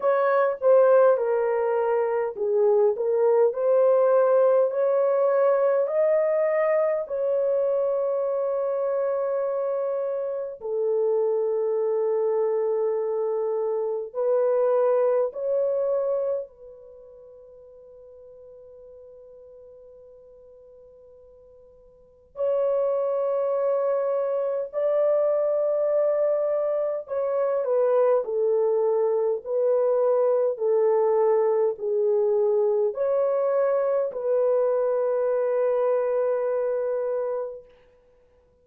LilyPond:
\new Staff \with { instrumentName = "horn" } { \time 4/4 \tempo 4 = 51 cis''8 c''8 ais'4 gis'8 ais'8 c''4 | cis''4 dis''4 cis''2~ | cis''4 a'2. | b'4 cis''4 b'2~ |
b'2. cis''4~ | cis''4 d''2 cis''8 b'8 | a'4 b'4 a'4 gis'4 | cis''4 b'2. | }